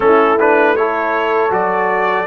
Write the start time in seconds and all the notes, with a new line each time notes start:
0.00 A3 C#4 E4 A4
0.39 D4 B4
0.76 E4 A4 C#5
1.50 F#3 F#4 D5